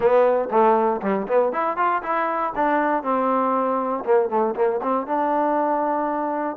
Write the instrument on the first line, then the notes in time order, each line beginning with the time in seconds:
trombone
0.00 B3
0.50 A3
1.02 G3
1.27 B3
1.52 E4
1.76 F4
2.02 E4
2.55 D4
3.03 C4
4.04 A#3
4.29 A3
4.55 A#3
4.82 C4
5.06 D4